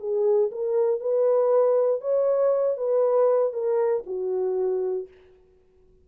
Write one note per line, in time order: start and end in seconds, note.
0.00 0.51 G#4
0.52 1.00 A#4
1.00 2.01 B4
2.01 2.77 C#5
2.77 3.53 B4
3.53 4.04 A#4
4.06 5.08 F#4